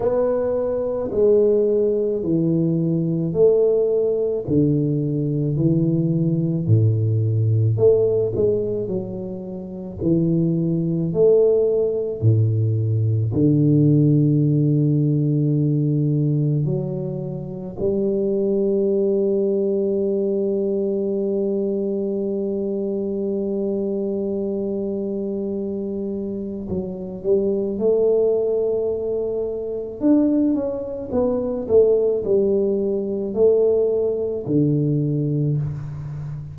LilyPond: \new Staff \with { instrumentName = "tuba" } { \time 4/4 \tempo 4 = 54 b4 gis4 e4 a4 | d4 e4 a,4 a8 gis8 | fis4 e4 a4 a,4 | d2. fis4 |
g1~ | g1 | fis8 g8 a2 d'8 cis'8 | b8 a8 g4 a4 d4 | }